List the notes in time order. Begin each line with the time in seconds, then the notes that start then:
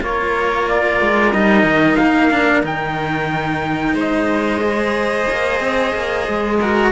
0.00 A#3 F4 A#4 C#5
0.68 D5
1.01 G#3
1.32 G3 D#4 D#5
1.63 D#3
1.96 A#3 F5
2.31 D4
2.63 D#3 D#4 G5
3.94 G#3 C5 D#5
4.61 G#4
5.31 A#3
5.60 C4
5.95 A#3
6.28 G#3
6.60 F#4 A#4